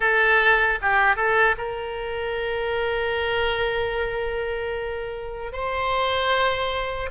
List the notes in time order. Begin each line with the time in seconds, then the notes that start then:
0.00 A4
0.81 G4
1.16 A4
1.57 A#4
5.52 C5